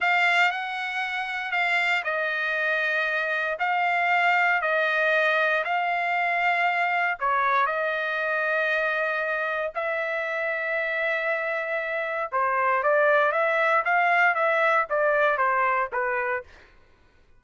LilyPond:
\new Staff \with { instrumentName = "trumpet" } { \time 4/4 \tempo 4 = 117 f''4 fis''2 f''4 | dis''2. f''4~ | f''4 dis''2 f''4~ | f''2 cis''4 dis''4~ |
dis''2. e''4~ | e''1 | c''4 d''4 e''4 f''4 | e''4 d''4 c''4 b'4 | }